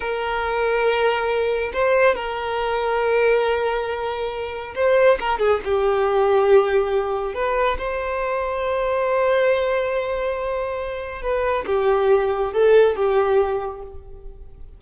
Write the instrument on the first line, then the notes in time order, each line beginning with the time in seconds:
violin
0.00 A#4
1.73 C5
2.15 A#4
4.75 C5
5.20 A#4
5.38 G#4
5.64 G4
7.34 B4
7.77 C5
11.22 B4
11.66 G4
12.52 A4
12.95 G4